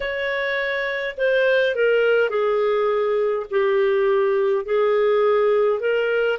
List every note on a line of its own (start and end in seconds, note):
0.00 1.15 C#5
1.17 1.75 C5
1.75 2.29 A#4
2.29 3.46 G#4
3.50 4.65 G4
4.65 5.80 G#4
5.80 6.38 A#4